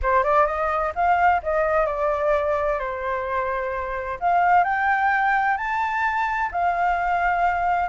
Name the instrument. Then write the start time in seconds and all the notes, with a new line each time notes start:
flute
0.02 C5
0.23 D5
0.46 D#5
0.95 F5
1.42 D#5
1.86 D5
2.79 C5
4.19 F5
4.64 G5
5.57 A5
6.51 F5